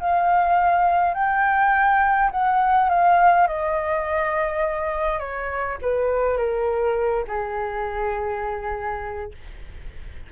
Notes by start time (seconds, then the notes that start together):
0.00 F5
1.15 G5
2.32 F#5
2.90 F5
3.48 D#5
5.20 C#5
5.82 B4
6.38 A#4
7.28 G#4